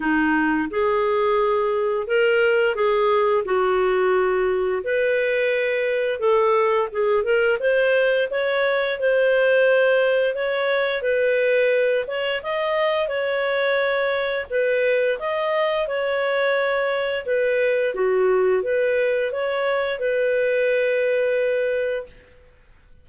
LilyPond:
\new Staff \with { instrumentName = "clarinet" } { \time 4/4 \tempo 4 = 87 dis'4 gis'2 ais'4 | gis'4 fis'2 b'4~ | b'4 a'4 gis'8 ais'8 c''4 | cis''4 c''2 cis''4 |
b'4. cis''8 dis''4 cis''4~ | cis''4 b'4 dis''4 cis''4~ | cis''4 b'4 fis'4 b'4 | cis''4 b'2. | }